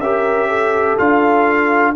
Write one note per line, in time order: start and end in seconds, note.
0.00 0.97 C#4
0.00 0.98 G4
0.00 0.48 A#4
0.00 0.97 E5
0.48 1.93 A4
0.98 1.96 D4
0.98 1.95 F4
0.98 1.95 F5